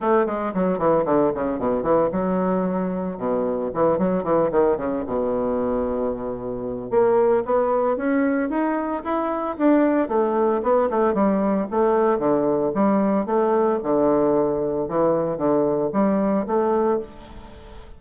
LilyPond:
\new Staff \with { instrumentName = "bassoon" } { \time 4/4 \tempo 4 = 113 a8 gis8 fis8 e8 d8 cis8 b,8 e8 | fis2 b,4 e8 fis8 | e8 dis8 cis8 b,2~ b,8~ | b,4 ais4 b4 cis'4 |
dis'4 e'4 d'4 a4 | b8 a8 g4 a4 d4 | g4 a4 d2 | e4 d4 g4 a4 | }